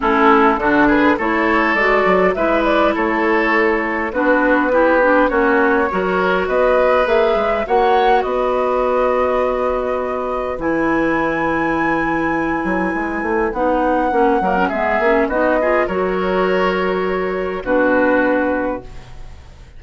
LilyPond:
<<
  \new Staff \with { instrumentName = "flute" } { \time 4/4 \tempo 4 = 102 a'4. b'8 cis''4 d''4 | e''8 d''8 cis''2 b'4~ | b'4 cis''2 dis''4 | e''4 fis''4 dis''2~ |
dis''2 gis''2~ | gis''2. fis''4~ | fis''4 e''4 dis''4 cis''4~ | cis''2 b'2 | }
  \new Staff \with { instrumentName = "oboe" } { \time 4/4 e'4 fis'8 gis'8 a'2 | b'4 a'2 fis'4 | g'4 fis'4 ais'4 b'4~ | b'4 cis''4 b'2~ |
b'1~ | b'1~ | b'8 ais'8 gis'4 fis'8 gis'8 ais'4~ | ais'2 fis'2 | }
  \new Staff \with { instrumentName = "clarinet" } { \time 4/4 cis'4 d'4 e'4 fis'4 | e'2. d'4 | e'8 d'8 cis'4 fis'2 | gis'4 fis'2.~ |
fis'2 e'2~ | e'2. dis'4 | cis'8 ais16 cis'16 b8 cis'8 dis'8 f'8 fis'4~ | fis'2 d'2 | }
  \new Staff \with { instrumentName = "bassoon" } { \time 4/4 a4 d4 a4 gis8 fis8 | gis4 a2 b4~ | b4 ais4 fis4 b4 | ais8 gis8 ais4 b2~ |
b2 e2~ | e4. fis8 gis8 a8 b4 | ais8 fis8 gis8 ais8 b4 fis4~ | fis2 b,2 | }
>>